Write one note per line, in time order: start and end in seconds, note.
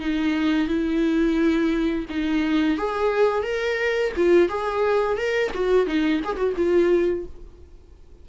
0.00 0.67 D#4
0.67 2.05 E4
2.09 2.77 D#4
2.77 3.43 G#4
3.43 4.12 A#4
4.16 4.49 F4
4.49 5.17 G#4
5.17 5.51 A#4
5.54 5.86 F#4
5.86 6.21 D#4
6.24 6.36 G#4
6.36 6.54 F#4
6.56 7.25 F4